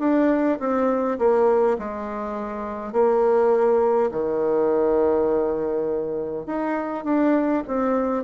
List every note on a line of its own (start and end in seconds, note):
0.00 0.59 D4
0.60 1.19 C4
1.19 1.78 A#3
1.79 2.93 G#3
2.93 4.11 A#3
4.12 6.47 D#3
6.47 7.05 D#4
7.05 7.64 D4
7.68 8.24 C4